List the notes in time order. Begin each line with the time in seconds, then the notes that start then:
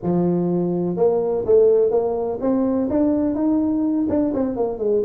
0.02 F3
0.96 A#3
1.45 A3
1.90 A#3
2.40 C4
2.90 D4
3.34 D#4
4.08 D4
4.33 C4
4.56 A#3
4.78 G#3